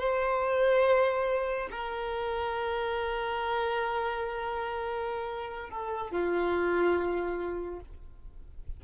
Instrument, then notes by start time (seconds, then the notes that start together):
violin
0.00 C5
1.71 A#4
5.70 A4
6.12 F4